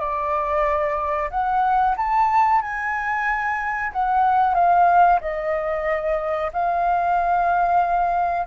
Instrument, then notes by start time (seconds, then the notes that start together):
flute
0.00 D5
1.31 F#5
1.97 A5
2.62 G#5
3.93 F#5
4.55 F5
5.21 D#5
6.53 F5